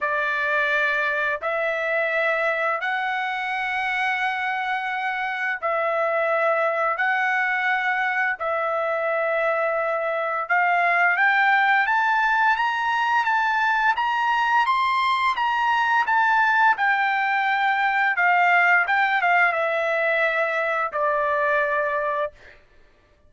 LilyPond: \new Staff \with { instrumentName = "trumpet" } { \time 4/4 \tempo 4 = 86 d''2 e''2 | fis''1 | e''2 fis''2 | e''2. f''4 |
g''4 a''4 ais''4 a''4 | ais''4 c'''4 ais''4 a''4 | g''2 f''4 g''8 f''8 | e''2 d''2 | }